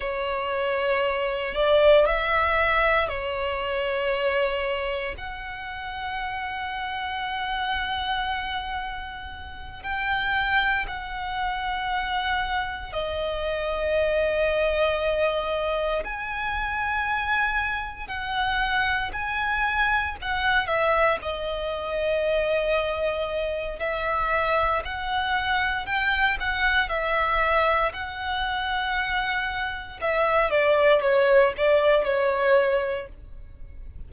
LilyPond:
\new Staff \with { instrumentName = "violin" } { \time 4/4 \tempo 4 = 58 cis''4. d''8 e''4 cis''4~ | cis''4 fis''2.~ | fis''4. g''4 fis''4.~ | fis''8 dis''2. gis''8~ |
gis''4. fis''4 gis''4 fis''8 | e''8 dis''2~ dis''8 e''4 | fis''4 g''8 fis''8 e''4 fis''4~ | fis''4 e''8 d''8 cis''8 d''8 cis''4 | }